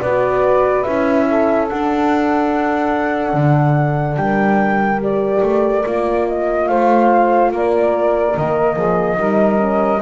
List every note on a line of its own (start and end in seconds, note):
0.00 0.85 B3
0.00 0.86 F#4
0.00 1.26 B4
0.00 0.83 D5
0.83 1.70 C#4
0.83 1.69 E4
0.83 1.66 E5
1.28 4.19 A4
1.69 5.00 D4
1.69 3.33 D4
1.69 4.16 F#5
3.33 4.16 D3
4.16 5.41 G3
4.16 6.68 A#4
4.16 5.00 G5
5.00 5.84 G4
5.00 6.28 D5
5.42 5.84 A3
5.85 6.69 A#3
5.85 8.35 F4
6.28 6.68 D#5
6.68 7.52 A3
6.68 7.51 C5
6.68 7.51 F5
7.51 8.35 A#3
7.51 8.75 A#4
7.51 8.37 D5
8.35 8.76 D#3
8.35 9.16 A#3
8.35 10.01 D#5
8.75 9.17 F3
8.75 9.16 G#4
9.16 10.00 G3
9.16 9.57 D#4
9.16 10.01 A#4
9.57 9.99 C#4